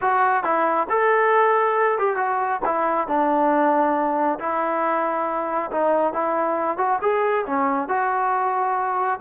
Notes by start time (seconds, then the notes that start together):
0.01 F#4
0.43 E4
0.89 A4
1.98 G4
2.16 F#4
2.65 E4
3.07 D4
4.39 E4
5.71 D#4
6.13 E4
6.77 F#4
7.01 G#4
7.46 C#4
7.88 F#4